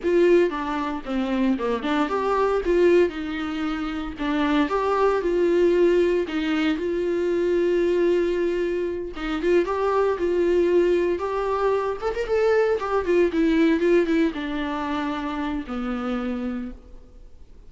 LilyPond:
\new Staff \with { instrumentName = "viola" } { \time 4/4 \tempo 4 = 115 f'4 d'4 c'4 ais8 d'8 | g'4 f'4 dis'2 | d'4 g'4 f'2 | dis'4 f'2.~ |
f'4. dis'8 f'8 g'4 f'8~ | f'4. g'4. a'16 ais'16 a'8~ | a'8 g'8 f'8 e'4 f'8 e'8 d'8~ | d'2 b2 | }